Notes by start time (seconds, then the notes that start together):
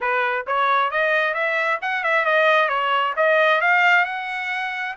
0.00 B4
0.46 C#5
0.90 D#5
1.34 E5
1.81 F#5
2.03 E5
2.25 D#5
2.68 C#5
3.16 D#5
3.61 F5
4.05 F#5